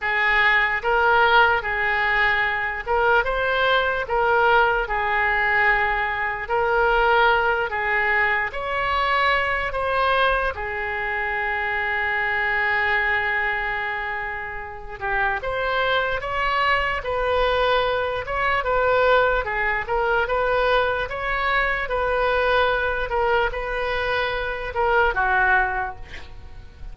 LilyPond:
\new Staff \with { instrumentName = "oboe" } { \time 4/4 \tempo 4 = 74 gis'4 ais'4 gis'4. ais'8 | c''4 ais'4 gis'2 | ais'4. gis'4 cis''4. | c''4 gis'2.~ |
gis'2~ gis'8 g'8 c''4 | cis''4 b'4. cis''8 b'4 | gis'8 ais'8 b'4 cis''4 b'4~ | b'8 ais'8 b'4. ais'8 fis'4 | }